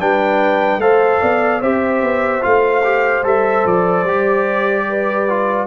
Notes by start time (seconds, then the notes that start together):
0.00 G3 D4 B4 G5
0.78 A3 A4 C5 F5
1.21 B3 D5
1.62 C4 G4 C5 E5
2.02 B3
2.42 A3 F4 F5
2.84 G4
3.23 G3 A4 E5
3.66 F3 D5
4.04 G3 G4
4.89 B4
5.29 F4